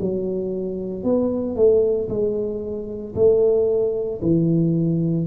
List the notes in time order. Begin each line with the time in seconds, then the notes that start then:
0.00 F#3
1.03 B3
1.56 A3
2.09 G#3
3.15 A3
4.22 E3